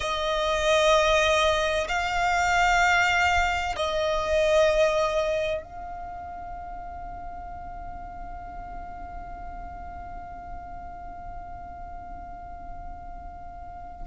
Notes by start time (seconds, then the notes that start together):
0.00 D#5
1.88 F5
3.76 D#5
5.62 F5